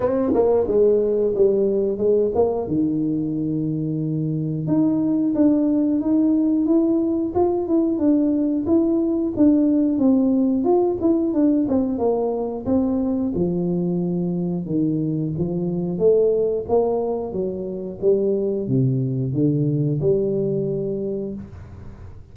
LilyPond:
\new Staff \with { instrumentName = "tuba" } { \time 4/4 \tempo 4 = 90 c'8 ais8 gis4 g4 gis8 ais8 | dis2. dis'4 | d'4 dis'4 e'4 f'8 e'8 | d'4 e'4 d'4 c'4 |
f'8 e'8 d'8 c'8 ais4 c'4 | f2 dis4 f4 | a4 ais4 fis4 g4 | c4 d4 g2 | }